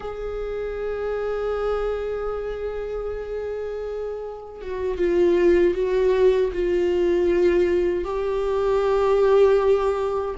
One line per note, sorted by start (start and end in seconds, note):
0.00 4.61 G#4
4.61 4.98 F#4
4.98 5.74 F4
5.74 6.51 F#4
6.52 8.04 F4
8.04 10.35 G4